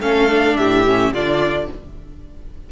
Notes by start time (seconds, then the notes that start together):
0.00 A3 C#4 A4 F5
0.29 D4
0.57 A2 G4 E5
0.87 C#4
1.12 D3 D4 F4 D5